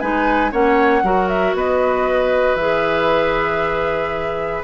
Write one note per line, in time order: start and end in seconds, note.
0.00 0.52 G#3
0.00 0.51 D#4
0.00 0.51 B4
0.00 0.52 G#5
0.51 1.03 A#3
0.51 1.03 C#4
0.51 1.03 C#5
0.51 1.28 F#5
1.03 1.54 F#3
1.03 2.59 F#4
1.03 1.56 A#4
1.28 1.54 E5
1.54 2.55 B3
1.54 4.64 B4
1.54 2.56 D#5
2.55 4.62 E3
2.55 4.64 G#4
2.55 4.63 E5